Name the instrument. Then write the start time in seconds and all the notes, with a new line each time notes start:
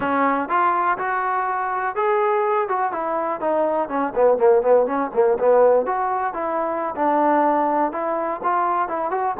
trombone
0.00 C#4
0.48 F4
0.98 F#4
1.95 G#4
2.68 F#4
2.92 E4
3.40 D#4
3.88 C#4
4.15 B3
4.37 A#3
4.61 B3
4.86 C#4
5.13 A#3
5.39 B3
5.85 F#4
6.33 E4
6.95 D4
7.92 E4
8.43 F4
8.88 E4
9.10 F#4